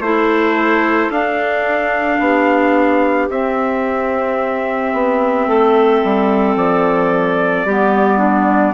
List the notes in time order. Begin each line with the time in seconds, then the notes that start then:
0.00 A3 E4 A4 C5
1.09 D4 F5
2.19 B3 G4
3.30 C4 E5
4.93 B3
5.47 A3 A4
6.03 G3
6.55 F3 D5
7.64 G3 B3 G4
8.18 D4